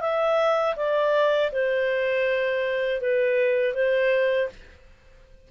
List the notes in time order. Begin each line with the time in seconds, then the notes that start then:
0.00 E5
0.75 D5
1.52 C5
3.00 B4
3.73 C5